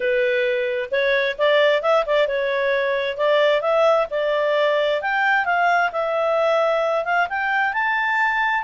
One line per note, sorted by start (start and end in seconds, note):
0.00 0.89 B4
0.91 1.36 C#5
1.38 1.82 D5
1.82 2.04 E5
2.06 2.27 D5
2.27 3.17 C#5
3.17 3.61 D5
3.61 4.06 E5
4.10 5.01 D5
5.01 5.45 G5
5.45 5.90 F5
5.92 7.04 E5
7.04 7.27 F5
7.29 7.73 G5
7.73 8.63 A5